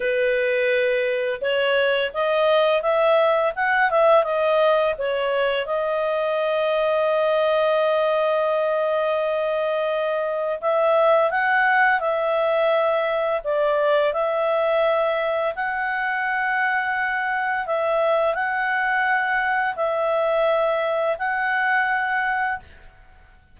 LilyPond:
\new Staff \with { instrumentName = "clarinet" } { \time 4/4 \tempo 4 = 85 b'2 cis''4 dis''4 | e''4 fis''8 e''8 dis''4 cis''4 | dis''1~ | dis''2. e''4 |
fis''4 e''2 d''4 | e''2 fis''2~ | fis''4 e''4 fis''2 | e''2 fis''2 | }